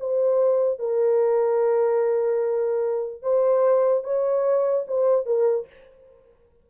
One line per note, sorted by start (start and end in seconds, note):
0.00 0.79 C5
0.79 3.22 A#4
3.22 4.04 C5
4.04 4.86 C#5
4.88 5.26 C5
5.26 5.67 A#4